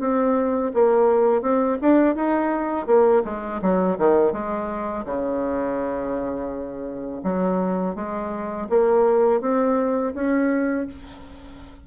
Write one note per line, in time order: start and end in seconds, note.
0.00 0.72 C4
0.74 1.42 A#3
1.42 1.78 C4
1.81 2.16 D4
2.16 2.87 D#4
2.87 3.23 A#3
3.25 3.61 G#3
3.62 3.98 F#3
3.98 4.32 D#3
4.32 5.05 G#3
5.05 7.22 C#3
7.24 7.96 F#3
7.96 8.68 G#3
8.69 9.41 A#3
9.41 10.13 C4
10.15 10.87 C#4